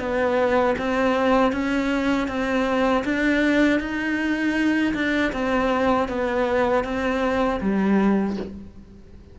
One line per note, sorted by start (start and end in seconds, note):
0.00 0.76 B3
0.78 1.53 C4
1.53 2.28 C#4
2.28 3.04 C4
3.05 3.80 D4
3.80 4.94 D#4
4.95 5.33 D4
5.33 6.09 C4
6.09 6.84 B3
6.84 7.60 C4
7.61 8.37 G3